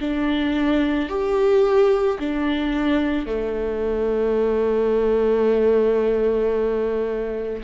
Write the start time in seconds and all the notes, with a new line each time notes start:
0.00 D4
1.09 G4
2.19 D4
3.26 A3